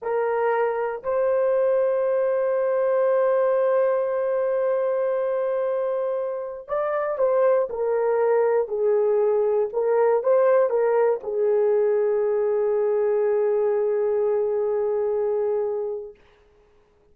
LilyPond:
\new Staff \with { instrumentName = "horn" } { \time 4/4 \tempo 4 = 119 ais'2 c''2~ | c''1~ | c''1~ | c''4~ c''16 d''4 c''4 ais'8.~ |
ais'4~ ais'16 gis'2 ais'8.~ | ais'16 c''4 ais'4 gis'4.~ gis'16~ | gis'1~ | gis'1 | }